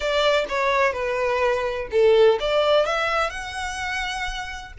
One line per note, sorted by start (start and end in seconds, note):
0.00 0.45 D5
0.48 0.92 C#5
0.92 1.88 B4
1.91 2.38 A4
2.40 2.85 D5
2.85 3.29 E5
3.29 4.72 F#5